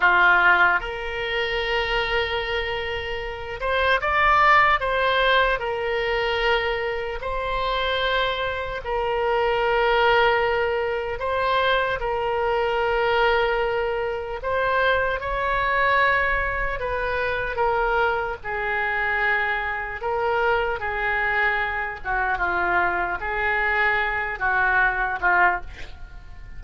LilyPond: \new Staff \with { instrumentName = "oboe" } { \time 4/4 \tempo 4 = 75 f'4 ais'2.~ | ais'8 c''8 d''4 c''4 ais'4~ | ais'4 c''2 ais'4~ | ais'2 c''4 ais'4~ |
ais'2 c''4 cis''4~ | cis''4 b'4 ais'4 gis'4~ | gis'4 ais'4 gis'4. fis'8 | f'4 gis'4. fis'4 f'8 | }